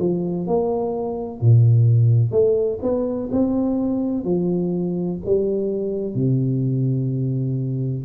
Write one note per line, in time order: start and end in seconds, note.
0.00 0.47 F3
0.47 1.41 A#3
1.41 2.32 A#2
2.32 2.80 A3
2.83 3.30 B3
3.32 4.25 C4
4.25 5.20 F3
5.26 6.15 G3
6.15 8.05 C3